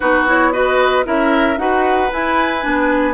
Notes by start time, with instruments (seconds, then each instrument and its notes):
0.00 bassoon B3, clarinet D#4, oboe F#4, flute B4
0.27 clarinet E4, flute C#5
0.52 clarinet F#4, oboe B4, flute D#5
1.04 bassoon C#4, clarinet E4, oboe A#4, flute E5
1.57 bassoon D#4, clarinet F#4, oboe B4, flute F#5
2.11 clarinet E4, bassoon E4, flute G#5
2.61 bassoon B3, clarinet D4